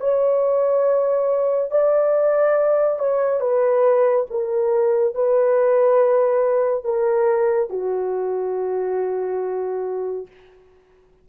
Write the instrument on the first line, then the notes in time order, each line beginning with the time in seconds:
horn
0.00 C#5
1.71 D5
2.99 C#5
3.40 B4
4.30 A#4
5.14 B4
6.84 A#4
7.70 F#4